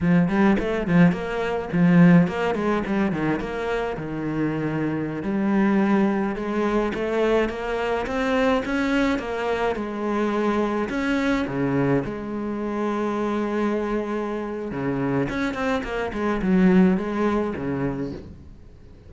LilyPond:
\new Staff \with { instrumentName = "cello" } { \time 4/4 \tempo 4 = 106 f8 g8 a8 f8 ais4 f4 | ais8 gis8 g8 dis8 ais4 dis4~ | dis4~ dis16 g2 gis8.~ | gis16 a4 ais4 c'4 cis'8.~ |
cis'16 ais4 gis2 cis'8.~ | cis'16 cis4 gis2~ gis8.~ | gis2 cis4 cis'8 c'8 | ais8 gis8 fis4 gis4 cis4 | }